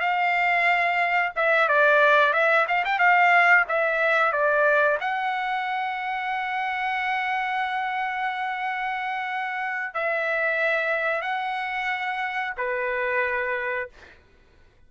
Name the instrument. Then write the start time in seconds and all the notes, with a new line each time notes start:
trumpet
0.00 F5
1.35 E5
1.68 D5
2.33 E5
2.67 F5
2.84 G5
2.99 F5
3.68 E5
4.32 D5
5.00 F#5
9.94 E5
11.21 F#5
12.57 B4